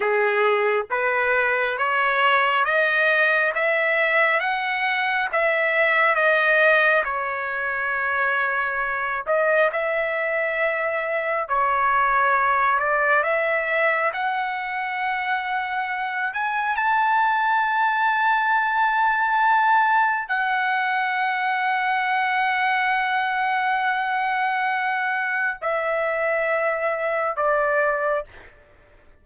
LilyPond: \new Staff \with { instrumentName = "trumpet" } { \time 4/4 \tempo 4 = 68 gis'4 b'4 cis''4 dis''4 | e''4 fis''4 e''4 dis''4 | cis''2~ cis''8 dis''8 e''4~ | e''4 cis''4. d''8 e''4 |
fis''2~ fis''8 gis''8 a''4~ | a''2. fis''4~ | fis''1~ | fis''4 e''2 d''4 | }